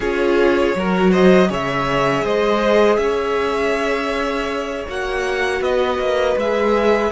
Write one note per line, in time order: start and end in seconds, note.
0.00 0.74 C#4
0.00 0.76 F4
0.00 0.75 G#4
0.00 1.12 C#5
0.75 1.50 F#3
0.75 1.48 F#4
0.75 1.10 A#4
1.10 1.48 C5
1.10 1.50 D#5
1.48 2.25 C#3
1.48 4.86 G#4
1.48 2.24 C#5
1.48 2.26 E5
2.24 2.97 G#3
2.24 2.99 C5
2.24 2.97 D#5
2.97 4.85 C#4
2.97 5.61 C#5
2.97 4.84 E5
4.88 5.60 A#3
4.88 6.38 F#4
4.88 5.62 F#5
5.60 5.98 B3
5.60 7.11 B4
5.60 6.37 D#5
5.98 6.35 A#3
6.36 7.11 G#3
6.36 7.11 G#4
6.36 7.11 E5